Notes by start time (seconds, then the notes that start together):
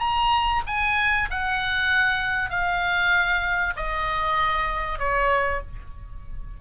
0.00 A#5
0.67 G#5
1.31 F#5
2.50 F5
3.77 D#5
4.99 C#5